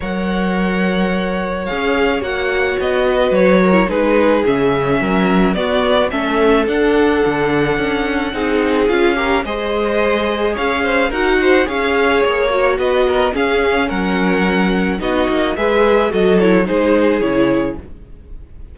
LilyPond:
<<
  \new Staff \with { instrumentName = "violin" } { \time 4/4 \tempo 4 = 108 fis''2. f''4 | fis''4 dis''4 cis''4 b'4 | e''2 d''4 e''4 | fis''1 |
f''4 dis''2 f''4 | fis''4 f''4 cis''4 dis''4 | f''4 fis''2 dis''4 | e''4 dis''8 cis''8 c''4 cis''4 | }
  \new Staff \with { instrumentName = "violin" } { \time 4/4 cis''1~ | cis''4. b'4 ais'8 gis'4~ | gis'4 ais'4 fis'4 a'4~ | a'2. gis'4~ |
gis'8 ais'8 c''2 cis''8 c''8 | ais'8 c''8 cis''2 b'8 ais'8 | gis'4 ais'2 fis'4 | b'4 a'4 gis'2 | }
  \new Staff \with { instrumentName = "viola" } { \time 4/4 ais'2. gis'4 | fis'2~ fis'8. e'16 dis'4 | cis'2 b4 cis'4 | d'2. dis'4 |
f'8 g'8 gis'2. | fis'4 gis'4. fis'4. | cis'2. dis'4 | gis'4 fis'8 e'8 dis'4 e'4 | }
  \new Staff \with { instrumentName = "cello" } { \time 4/4 fis2. cis'4 | ais4 b4 fis4 gis4 | cis4 fis4 b4 a4 | d'4 d4 cis'4 c'4 |
cis'4 gis2 cis'4 | dis'4 cis'4 ais4 b4 | cis'4 fis2 b8 ais8 | gis4 fis4 gis4 cis4 | }
>>